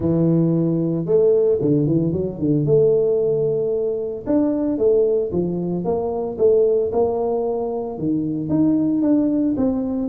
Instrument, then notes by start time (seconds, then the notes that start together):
tuba
0.00 E3
1.05 A3
1.61 D3
1.87 E3
2.12 F#3
2.38 D3
2.65 A3
4.26 D4
4.78 A3
5.32 F3
5.84 A#3
6.38 A3
6.92 A#3
7.98 D#3
8.49 D#4
9.02 D4
9.56 C4